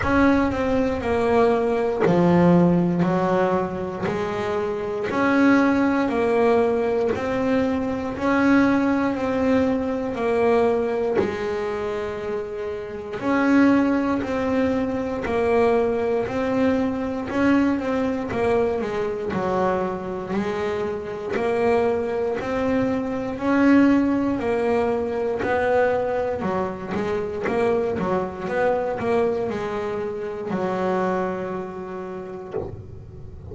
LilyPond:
\new Staff \with { instrumentName = "double bass" } { \time 4/4 \tempo 4 = 59 cis'8 c'8 ais4 f4 fis4 | gis4 cis'4 ais4 c'4 | cis'4 c'4 ais4 gis4~ | gis4 cis'4 c'4 ais4 |
c'4 cis'8 c'8 ais8 gis8 fis4 | gis4 ais4 c'4 cis'4 | ais4 b4 fis8 gis8 ais8 fis8 | b8 ais8 gis4 fis2 | }